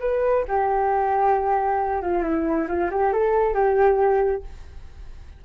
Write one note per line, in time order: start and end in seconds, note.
0.00 0.44 B4
0.48 2.02 G4
2.02 2.23 F4
2.23 2.67 E4
2.68 2.90 F4
2.91 3.13 G4
3.13 3.54 A4
3.54 4.43 G4